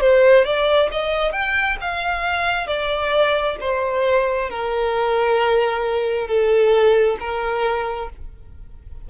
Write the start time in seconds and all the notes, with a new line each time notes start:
0.00 C5
0.44 D5
0.91 D#5
1.32 G5
1.81 F5
2.67 D5
3.60 C5
4.50 A#4
6.27 A4
7.20 A#4